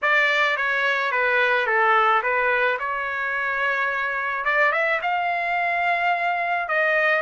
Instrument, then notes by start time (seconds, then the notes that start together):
trumpet
0.02 D5
0.56 C#5
1.11 B4
1.66 A4
2.22 B4
2.79 C#5
4.44 D5
4.72 E5
5.02 F5
6.68 D#5